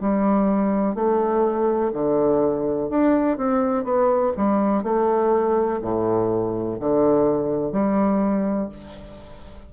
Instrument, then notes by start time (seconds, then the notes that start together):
bassoon
0.00 G3
0.95 A3
1.93 D3
2.89 D4
3.37 C4
3.84 B3
4.36 G3
4.83 A3
5.82 A2
6.79 D3
7.72 G3